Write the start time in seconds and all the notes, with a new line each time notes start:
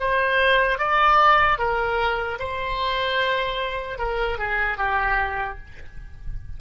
0.00 C5
0.78 D5
1.58 A#4
2.39 C5
3.98 A#4
4.38 G#4
4.77 G4